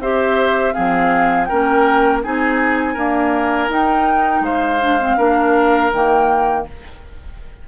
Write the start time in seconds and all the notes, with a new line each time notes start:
0.00 C4 G4 C5 E5
0.74 F3 C4 G#4 F5
1.45 A#4 G5
1.51 A#3 C#4
2.24 C4 D#4 G#4 G#5
2.94 A#3 D4 A#4
3.69 D#4 G5
4.41 G#3 C5 F5
4.81 D4
5.00 C4
5.18 A#3 D4 A#4
5.93 D#3 A#3 G5